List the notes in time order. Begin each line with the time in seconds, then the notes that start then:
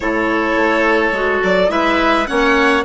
0.00 A2 E4 A4 C#5
0.56 A3
1.12 G#3 F#4
1.43 F#3 D5
1.68 G#3 E4 B4 E5
2.26 A#3 C#4 C#5 F#5